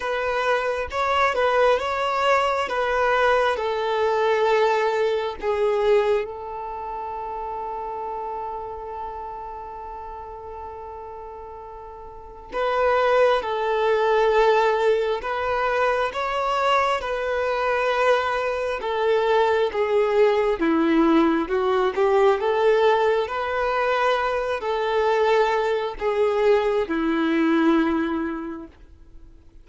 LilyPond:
\new Staff \with { instrumentName = "violin" } { \time 4/4 \tempo 4 = 67 b'4 cis''8 b'8 cis''4 b'4 | a'2 gis'4 a'4~ | a'1~ | a'2 b'4 a'4~ |
a'4 b'4 cis''4 b'4~ | b'4 a'4 gis'4 e'4 | fis'8 g'8 a'4 b'4. a'8~ | a'4 gis'4 e'2 | }